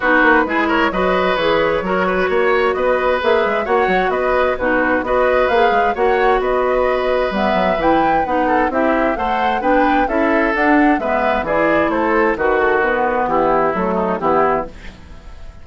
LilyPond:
<<
  \new Staff \with { instrumentName = "flute" } { \time 4/4 \tempo 4 = 131 b'4. cis''8 dis''4 cis''4~ | cis''2 dis''4 e''4 | fis''4 dis''4 b'4 dis''4 | f''4 fis''4 dis''2 |
e''4 g''4 fis''4 e''4 | fis''4 g''4 e''4 fis''4 | e''4 d''4 c''4 b'8 a'8 | b'4 g'4 a'4 g'4 | }
  \new Staff \with { instrumentName = "oboe" } { \time 4/4 fis'4 gis'8 ais'8 b'2 | ais'8 b'8 cis''4 b'2 | cis''4 b'4 fis'4 b'4~ | b'4 cis''4 b'2~ |
b'2~ b'8 a'8 g'4 | c''4 b'4 a'2 | b'4 gis'4 a'4 fis'4~ | fis'4 e'4. dis'8 e'4 | }
  \new Staff \with { instrumentName = "clarinet" } { \time 4/4 dis'4 e'4 fis'4 gis'4 | fis'2. gis'4 | fis'2 dis'4 fis'4 | gis'4 fis'2. |
b4 e'4 dis'4 e'4 | a'4 d'4 e'4 d'4 | b4 e'2 fis'4 | b2 a4 b4 | }
  \new Staff \with { instrumentName = "bassoon" } { \time 4/4 b8 ais8 gis4 fis4 e4 | fis4 ais4 b4 ais8 gis8 | ais8 fis8 b4 b,4 b4 | ais8 gis8 ais4 b2 |
g8 fis8 e4 b4 c'4 | a4 b4 cis'4 d'4 | gis4 e4 a4 dis4~ | dis4 e4 fis4 e4 | }
>>